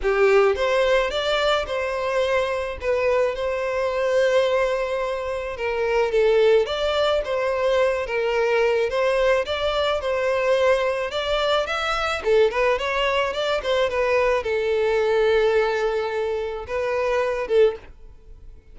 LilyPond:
\new Staff \with { instrumentName = "violin" } { \time 4/4 \tempo 4 = 108 g'4 c''4 d''4 c''4~ | c''4 b'4 c''2~ | c''2 ais'4 a'4 | d''4 c''4. ais'4. |
c''4 d''4 c''2 | d''4 e''4 a'8 b'8 cis''4 | d''8 c''8 b'4 a'2~ | a'2 b'4. a'8 | }